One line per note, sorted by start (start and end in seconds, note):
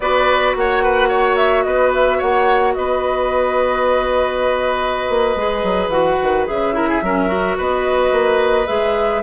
0.00 0.55 B3
0.00 5.38 F#4
0.00 0.56 B4
0.00 0.54 D5
0.55 1.65 A#3
0.55 0.83 C#5
0.55 1.36 F#5
0.83 1.08 B4
1.08 1.63 C#5
1.36 1.63 E5
1.63 2.20 B3
1.63 2.18 B4
1.63 1.90 D#5
1.93 2.20 E5
2.18 2.76 A#3
2.18 2.73 C#5
2.18 2.74 F#5
2.74 5.09 B3
2.74 6.75 B4
2.74 5.89 D#5
5.09 5.35 A#3
5.35 5.63 G#3
5.35 5.92 G#4
5.63 5.88 F#3
5.88 6.15 E3
5.88 6.46 F#4
5.88 6.44 F#5
6.21 6.49 D#3
6.46 7.01 C#3
6.46 6.73 G#4
6.46 7.58 E5
6.73 7.01 E4
6.73 6.88 A#4
6.88 7.02 G#4
7.01 7.56 F#3
7.01 7.27 C#4
7.01 7.57 A#4
7.27 8.65 F#4
7.57 8.11 B3
7.57 9.22 B4
7.57 8.67 D#5
8.11 8.66 A#3
8.66 9.22 G#3
8.66 9.21 G#4
8.66 9.22 E5